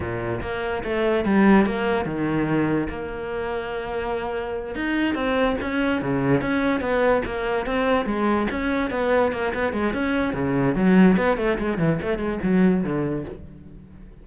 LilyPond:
\new Staff \with { instrumentName = "cello" } { \time 4/4 \tempo 4 = 145 ais,4 ais4 a4 g4 | ais4 dis2 ais4~ | ais2.~ ais8 dis'8~ | dis'8 c'4 cis'4 cis4 cis'8~ |
cis'8 b4 ais4 c'4 gis8~ | gis8 cis'4 b4 ais8 b8 gis8 | cis'4 cis4 fis4 b8 a8 | gis8 e8 a8 gis8 fis4 d4 | }